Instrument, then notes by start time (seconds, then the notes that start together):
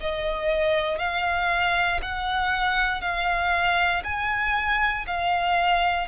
violin
0.00 D#5
0.98 F5
2.02 F#5
3.01 F5
4.04 G#5
5.06 F5